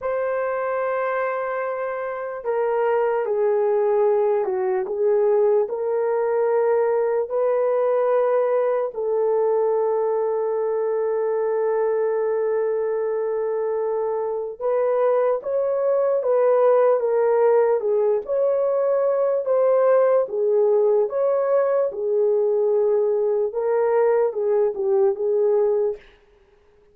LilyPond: \new Staff \with { instrumentName = "horn" } { \time 4/4 \tempo 4 = 74 c''2. ais'4 | gis'4. fis'8 gis'4 ais'4~ | ais'4 b'2 a'4~ | a'1~ |
a'2 b'4 cis''4 | b'4 ais'4 gis'8 cis''4. | c''4 gis'4 cis''4 gis'4~ | gis'4 ais'4 gis'8 g'8 gis'4 | }